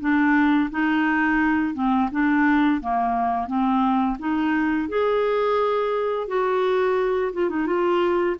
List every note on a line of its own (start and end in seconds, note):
0.00 0.70 D4
0.70 1.74 D#4
1.74 2.09 C4
2.12 2.81 D4
2.81 3.47 A#3
3.47 4.17 C4
4.19 4.89 D#4
4.89 6.28 G#4
6.28 7.32 F#4
7.33 7.49 F4
7.49 7.66 D#4
7.66 8.36 F4